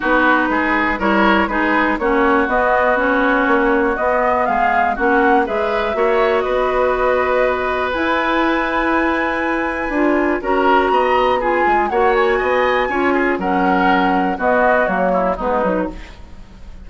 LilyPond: <<
  \new Staff \with { instrumentName = "flute" } { \time 4/4 \tempo 4 = 121 b'2 cis''4 b'4 | cis''4 dis''4 cis''2 | dis''4 f''4 fis''4 e''4~ | e''4 dis''2. |
gis''1~ | gis''4 ais''2 gis''4 | fis''8 gis''2~ gis''8 fis''4~ | fis''4 dis''4 cis''4 b'4 | }
  \new Staff \with { instrumentName = "oboe" } { \time 4/4 fis'4 gis'4 ais'4 gis'4 | fis'1~ | fis'4 gis'4 fis'4 b'4 | cis''4 b'2.~ |
b'1~ | b'4 ais'4 dis''4 gis'4 | cis''4 dis''4 cis''8 gis'8 ais'4~ | ais'4 fis'4. e'8 dis'4 | }
  \new Staff \with { instrumentName = "clarinet" } { \time 4/4 dis'2 e'4 dis'4 | cis'4 b4 cis'2 | b2 cis'4 gis'4 | fis'1 |
e'1 | f'4 fis'2 f'4 | fis'2 f'4 cis'4~ | cis'4 b4 ais4 b8 dis'8 | }
  \new Staff \with { instrumentName = "bassoon" } { \time 4/4 b4 gis4 g4 gis4 | ais4 b2 ais4 | b4 gis4 ais4 gis4 | ais4 b2. |
e'1 | d'4 cis'4 b4. gis8 | ais4 b4 cis'4 fis4~ | fis4 b4 fis4 gis8 fis8 | }
>>